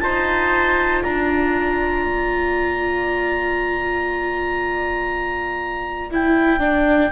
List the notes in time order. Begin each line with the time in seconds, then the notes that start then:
0.00 D#4 F4 C5 A5
1.03 D4 D5 A#5
2.05 A#3
6.11 E4 G5
6.60 D4